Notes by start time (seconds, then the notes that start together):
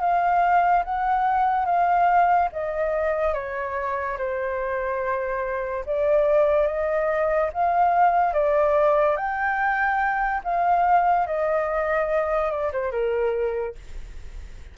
0.00 F5
0.84 F#5
1.66 F5
2.52 D#5
3.34 C#5
4.18 C5
5.86 D5
6.67 D#5
7.53 F5
8.34 D5
9.17 G5
10.44 F5
11.27 D#5
12.51 D5
12.72 C5
12.92 A#4